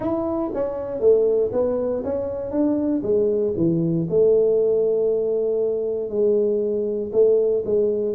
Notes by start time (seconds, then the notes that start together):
0.00 E4
0.54 C#4
1.00 A3
1.52 B3
2.04 C#4
2.51 D4
3.03 G#3
3.56 E3
4.09 A3
6.09 G#3
7.12 A3
7.65 G#3